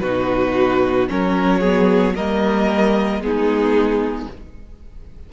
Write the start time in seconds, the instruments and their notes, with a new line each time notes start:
0.00 cello B2, viola D#4, violin F#4 B4
1.09 cello F#3, viola C#4, violin A#4 C#5
1.60 viola B3, violin G#4
2.15 cello G3, viola A#3, violin A#4 D#5
3.19 cello G#3, viola B3, violin G#4
3.25 violin D#4